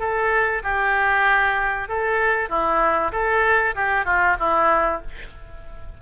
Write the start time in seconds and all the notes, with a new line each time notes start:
0.00 A4
0.63 G4
1.89 A4
2.49 E4
3.12 A4
3.75 G4
4.05 F4
4.39 E4